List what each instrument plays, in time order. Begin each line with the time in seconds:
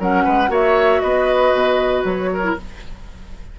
0.00 bassoon F#3, clarinet C#4, oboe A#4, flute F#5
0.24 bassoon G#3, oboe B4
0.48 bassoon A#3, clarinet F#4, oboe C#5, flute E5
1.01 bassoon B3, oboe B4, flute D#5
1.53 bassoon B2
2.05 bassoon F#3, flute C#5
2.34 oboe A#4
2.43 clarinet E4